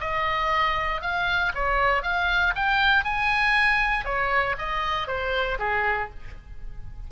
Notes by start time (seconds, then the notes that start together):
0.00 D#5
1.01 F5
1.54 C#5
2.03 F5
2.55 G5
3.04 G#5
4.05 C#5
4.58 D#5
5.07 C5
5.59 G#4